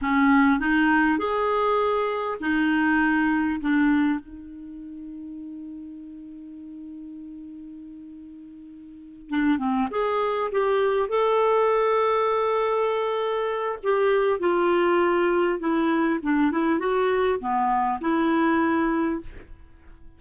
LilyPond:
\new Staff \with { instrumentName = "clarinet" } { \time 4/4 \tempo 4 = 100 cis'4 dis'4 gis'2 | dis'2 d'4 dis'4~ | dis'1~ | dis'2.~ dis'8 d'8 |
c'8 gis'4 g'4 a'4.~ | a'2. g'4 | f'2 e'4 d'8 e'8 | fis'4 b4 e'2 | }